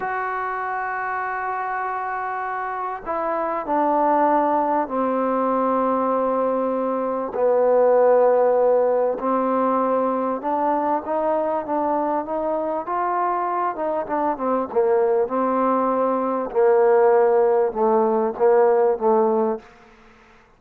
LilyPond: \new Staff \with { instrumentName = "trombone" } { \time 4/4 \tempo 4 = 98 fis'1~ | fis'4 e'4 d'2 | c'1 | b2. c'4~ |
c'4 d'4 dis'4 d'4 | dis'4 f'4. dis'8 d'8 c'8 | ais4 c'2 ais4~ | ais4 a4 ais4 a4 | }